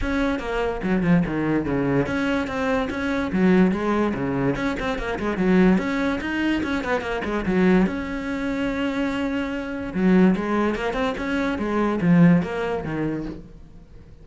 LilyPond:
\new Staff \with { instrumentName = "cello" } { \time 4/4 \tempo 4 = 145 cis'4 ais4 fis8 f8 dis4 | cis4 cis'4 c'4 cis'4 | fis4 gis4 cis4 cis'8 c'8 | ais8 gis8 fis4 cis'4 dis'4 |
cis'8 b8 ais8 gis8 fis4 cis'4~ | cis'1 | fis4 gis4 ais8 c'8 cis'4 | gis4 f4 ais4 dis4 | }